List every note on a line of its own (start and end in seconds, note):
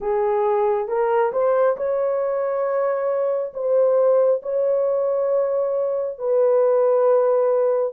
0.00 0.87 G#4
0.87 1.32 A#4
1.32 1.76 C5
1.76 3.53 C#5
3.53 4.41 C5
4.42 6.18 C#5
6.18 7.93 B4